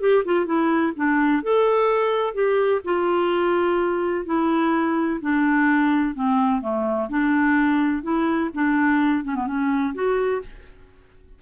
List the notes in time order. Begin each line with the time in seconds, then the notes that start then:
0.00 G4
0.25 F4
0.45 E4
0.96 D4
1.43 A4
2.34 G4
2.84 F4
4.25 E4
5.21 D4
6.14 C4
6.61 A3
7.09 D4
8.03 E4
8.54 D4
9.24 C#4
9.35 B3
9.46 C#4
9.94 F#4